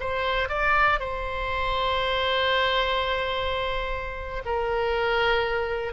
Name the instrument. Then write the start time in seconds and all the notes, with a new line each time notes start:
oboe
0.00 C5
0.49 D5
1.00 C5
4.45 A#4